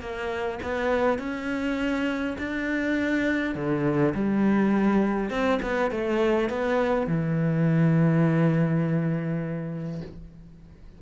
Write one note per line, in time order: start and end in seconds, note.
0.00 0.59 A#3
0.63 1.19 B3
1.19 2.36 C#4
2.38 3.55 D4
3.55 4.13 D3
4.15 5.30 G3
5.30 5.59 C4
5.62 5.91 B3
5.91 6.49 A3
6.49 7.07 B3
7.07 10.01 E3